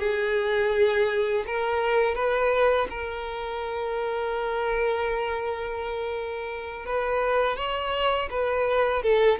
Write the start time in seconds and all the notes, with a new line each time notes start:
0.00 G#4
1.46 A#4
2.15 B4
2.90 A#4
6.86 B4
7.57 C#5
8.30 B4
9.03 A4